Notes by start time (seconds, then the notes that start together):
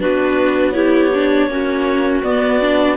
0.00 B3 D4 F#4 B4
0.72 E4 G4 C#5
1.15 D4
1.48 A#3 C#4 F#4
2.23 B3 D5
2.61 D4